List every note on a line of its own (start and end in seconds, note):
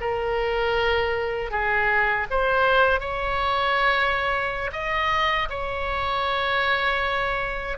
0.00 1.51 A#4
1.51 2.26 G#4
2.30 3.00 C5
3.00 4.71 C#5
4.72 5.48 D#5
5.49 7.77 C#5